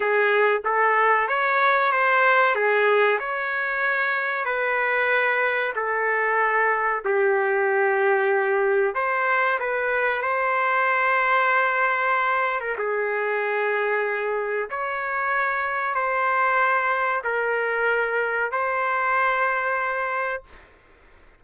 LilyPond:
\new Staff \with { instrumentName = "trumpet" } { \time 4/4 \tempo 4 = 94 gis'4 a'4 cis''4 c''4 | gis'4 cis''2 b'4~ | b'4 a'2 g'4~ | g'2 c''4 b'4 |
c''2.~ c''8. ais'16 | gis'2. cis''4~ | cis''4 c''2 ais'4~ | ais'4 c''2. | }